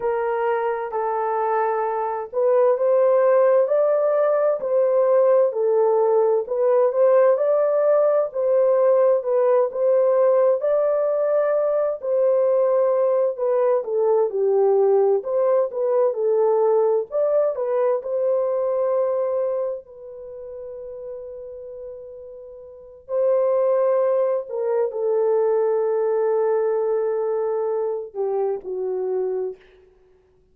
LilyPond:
\new Staff \with { instrumentName = "horn" } { \time 4/4 \tempo 4 = 65 ais'4 a'4. b'8 c''4 | d''4 c''4 a'4 b'8 c''8 | d''4 c''4 b'8 c''4 d''8~ | d''4 c''4. b'8 a'8 g'8~ |
g'8 c''8 b'8 a'4 d''8 b'8 c''8~ | c''4. b'2~ b'8~ | b'4 c''4. ais'8 a'4~ | a'2~ a'8 g'8 fis'4 | }